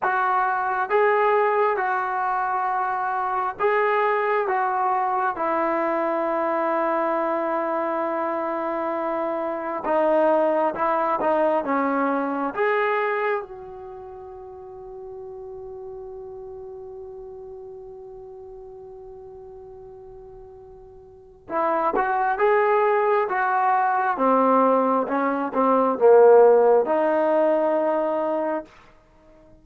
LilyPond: \new Staff \with { instrumentName = "trombone" } { \time 4/4 \tempo 4 = 67 fis'4 gis'4 fis'2 | gis'4 fis'4 e'2~ | e'2. dis'4 | e'8 dis'8 cis'4 gis'4 fis'4~ |
fis'1~ | fis'1 | e'8 fis'8 gis'4 fis'4 c'4 | cis'8 c'8 ais4 dis'2 | }